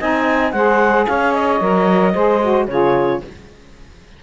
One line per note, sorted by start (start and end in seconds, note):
0.00 0.53 C4
0.00 0.54 D#4
0.00 0.54 D#5
0.00 0.52 G#5
0.52 1.07 G#3
0.52 1.60 G#4
0.52 1.07 C5
0.52 1.06 F#5
1.07 1.61 C#4
1.07 2.14 C#5
1.07 1.33 F5
1.33 2.67 D#5
1.60 2.15 F#3
1.60 2.14 A#4
2.14 2.68 G#3
2.14 2.42 G#4
2.14 2.67 C5
2.42 2.68 F#4
2.68 3.21 C#3
2.68 3.23 F4
2.68 3.23 G#4
2.68 3.21 C#5